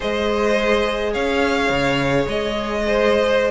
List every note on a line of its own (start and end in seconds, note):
0.00 1.15 G#3
0.00 3.51 G#4
0.00 1.12 C5
0.00 1.13 D#5
1.12 1.69 C#4
1.12 2.82 C#5
1.12 2.26 F5
1.69 2.26 C#3
2.27 3.51 G#3
2.27 3.51 D#5
2.86 3.51 C5